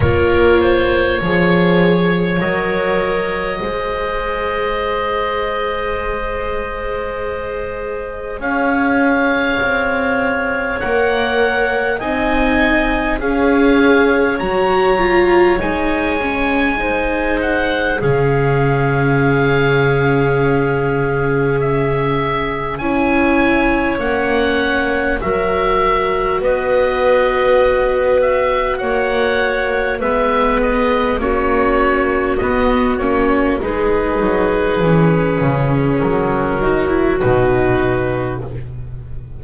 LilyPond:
<<
  \new Staff \with { instrumentName = "oboe" } { \time 4/4 \tempo 4 = 50 cis''2 dis''2~ | dis''2. f''4~ | f''4 fis''4 gis''4 f''4 | ais''4 gis''4. fis''8 f''4~ |
f''2 e''4 gis''4 | fis''4 e''4 dis''4. e''8 | fis''4 e''8 dis''8 cis''4 dis''8 cis''8 | b'2 ais'4 b'4 | }
  \new Staff \with { instrumentName = "clarinet" } { \time 4/4 ais'8 c''8 cis''2 c''4~ | c''2. cis''4~ | cis''2 dis''4 cis''4~ | cis''2 c''4 gis'4~ |
gis'2. cis''4~ | cis''4 ais'4 b'2 | cis''4 b'4 fis'2 | gis'2~ gis'8 fis'4. | }
  \new Staff \with { instrumentName = "viola" } { \time 4/4 f'4 gis'4 ais'4 gis'4~ | gis'1~ | gis'4 ais'4 dis'4 gis'4 | fis'8 f'8 dis'8 cis'8 dis'4 cis'4~ |
cis'2. e'4 | cis'4 fis'2.~ | fis'4 b4 cis'4 b8 cis'8 | dis'4 cis'4. dis'16 e'16 dis'4 | }
  \new Staff \with { instrumentName = "double bass" } { \time 4/4 ais4 f4 fis4 gis4~ | gis2. cis'4 | c'4 ais4 c'4 cis'4 | fis4 gis2 cis4~ |
cis2. cis'4 | ais4 fis4 b2 | ais4 gis4 ais4 b8 ais8 | gis8 fis8 e8 cis8 fis4 b,4 | }
>>